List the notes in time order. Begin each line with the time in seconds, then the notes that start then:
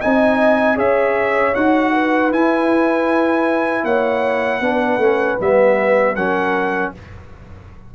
0.00 C4 D#4 D#5 G#5
0.75 C#4 G#4 C#5 E5
1.54 D#4 F#4 F#5
1.92 B4
2.31 E4 G#5
3.83 A#3 C#5 F#5
4.60 B3 D4 B4
4.97 A3 C#4
5.38 G3 B3 E5
6.15 F#3 C#4 A#4 F#5